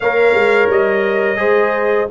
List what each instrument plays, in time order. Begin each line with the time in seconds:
0.00 tuba A#3, trombone A#4, horn C#5, trumpet F5
0.33 tuba G#3
0.70 tuba G3, trumpet D#5
1.36 tuba G#3, trombone G#4, horn C5